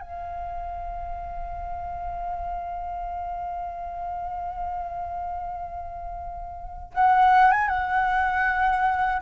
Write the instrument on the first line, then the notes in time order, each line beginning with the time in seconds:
flute
0.00 F5
6.94 F#5
7.51 G#5
7.67 F#5